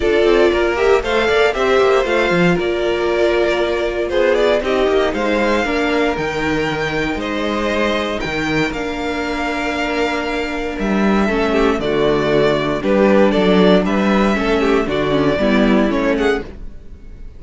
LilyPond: <<
  \new Staff \with { instrumentName = "violin" } { \time 4/4 \tempo 4 = 117 d''4. e''8 f''4 e''4 | f''4 d''2. | c''8 d''8 dis''4 f''2 | g''2 dis''2 |
g''4 f''2.~ | f''4 e''2 d''4~ | d''4 b'4 d''4 e''4~ | e''4 d''2 cis''8 fis''8 | }
  \new Staff \with { instrumentName = "violin" } { \time 4/4 a'4 ais'4 c''8 d''8 c''4~ | c''4 ais'2. | gis'4 g'4 c''4 ais'4~ | ais'2 c''2 |
ais'1~ | ais'2 a'8 g'8 fis'4~ | fis'4 g'4 a'4 b'4 | a'8 g'8 fis'4 e'4. gis'8 | }
  \new Staff \with { instrumentName = "viola" } { \time 4/4 f'4. g'8 a'4 g'4 | f'1~ | f'4 dis'2 d'4 | dis'1~ |
dis'4 d'2.~ | d'2 cis'4 a4~ | a4 d'2. | cis'4 d'8 cis'8 b4 cis'4 | }
  \new Staff \with { instrumentName = "cello" } { \time 4/4 d'8 c'8 ais4 a8 ais8 c'8 ais8 | a8 f8 ais2. | b4 c'8 ais8 gis4 ais4 | dis2 gis2 |
dis4 ais2.~ | ais4 g4 a4 d4~ | d4 g4 fis4 g4 | a4 d4 g4 a4 | }
>>